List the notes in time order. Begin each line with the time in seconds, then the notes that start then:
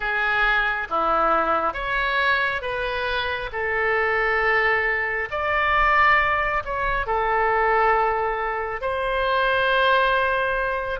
0.00 G#4
0.89 E4
1.73 C#5
2.61 B4
3.52 A4
5.30 D5
6.64 C#5
7.06 A4
8.81 C5